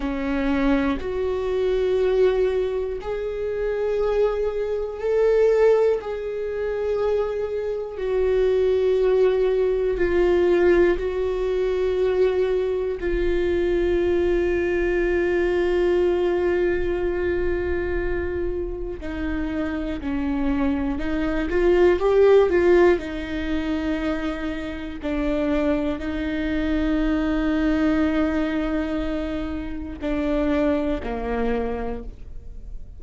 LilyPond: \new Staff \with { instrumentName = "viola" } { \time 4/4 \tempo 4 = 60 cis'4 fis'2 gis'4~ | gis'4 a'4 gis'2 | fis'2 f'4 fis'4~ | fis'4 f'2.~ |
f'2. dis'4 | cis'4 dis'8 f'8 g'8 f'8 dis'4~ | dis'4 d'4 dis'2~ | dis'2 d'4 ais4 | }